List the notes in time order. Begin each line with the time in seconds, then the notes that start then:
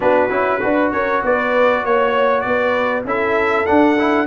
0.00 B3 D4 F#4 B4
0.30 C#4 E4
0.60 D4 F#4 B4
0.91 C#4 A#4 C#5
1.23 B3 B4 D5
1.82 A#3 C#5
2.41 B3 B4 D5
3.04 C#4 E4 A4 E5
3.66 D4 F#5
3.98 E4